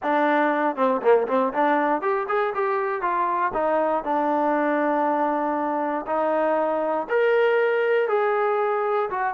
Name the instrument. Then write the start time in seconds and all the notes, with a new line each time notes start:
trombone
0.02 D4
0.76 C4
1.02 A#3
1.27 C4
1.53 D4
2.01 G4
2.28 G#4
2.54 G4
3.01 F4
3.53 D#4
4.03 D4
6.06 D#4
7.09 A#4
8.08 G#4
9.10 F#4